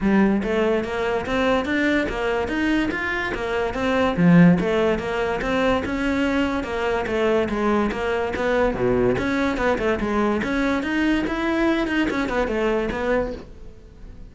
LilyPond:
\new Staff \with { instrumentName = "cello" } { \time 4/4 \tempo 4 = 144 g4 a4 ais4 c'4 | d'4 ais4 dis'4 f'4 | ais4 c'4 f4 a4 | ais4 c'4 cis'2 |
ais4 a4 gis4 ais4 | b4 b,4 cis'4 b8 a8 | gis4 cis'4 dis'4 e'4~ | e'8 dis'8 cis'8 b8 a4 b4 | }